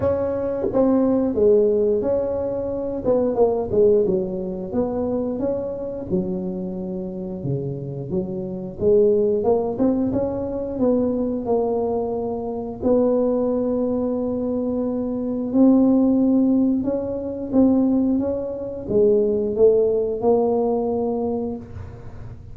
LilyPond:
\new Staff \with { instrumentName = "tuba" } { \time 4/4 \tempo 4 = 89 cis'4 c'4 gis4 cis'4~ | cis'8 b8 ais8 gis8 fis4 b4 | cis'4 fis2 cis4 | fis4 gis4 ais8 c'8 cis'4 |
b4 ais2 b4~ | b2. c'4~ | c'4 cis'4 c'4 cis'4 | gis4 a4 ais2 | }